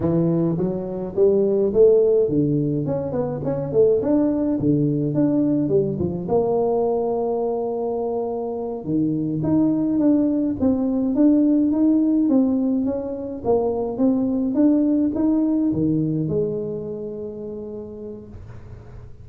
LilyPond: \new Staff \with { instrumentName = "tuba" } { \time 4/4 \tempo 4 = 105 e4 fis4 g4 a4 | d4 cis'8 b8 cis'8 a8 d'4 | d4 d'4 g8 f8 ais4~ | ais2.~ ais8 dis8~ |
dis8 dis'4 d'4 c'4 d'8~ | d'8 dis'4 c'4 cis'4 ais8~ | ais8 c'4 d'4 dis'4 dis8~ | dis8 gis2.~ gis8 | }